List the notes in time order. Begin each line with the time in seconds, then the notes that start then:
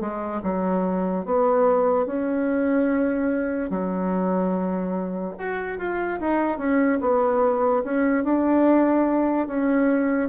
0.00 G#3
0.43 F#3
1.25 B3
2.05 C#4
3.70 F#3
5.38 F#4
5.78 F4
6.20 D#4
6.58 C#4
7.00 B3
7.83 C#4
8.24 D4
9.47 C#4